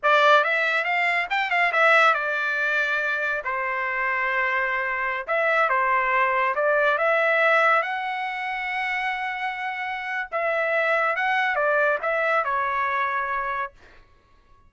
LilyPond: \new Staff \with { instrumentName = "trumpet" } { \time 4/4 \tempo 4 = 140 d''4 e''4 f''4 g''8 f''8 | e''4 d''2. | c''1~ | c''16 e''4 c''2 d''8.~ |
d''16 e''2 fis''4.~ fis''16~ | fis''1 | e''2 fis''4 d''4 | e''4 cis''2. | }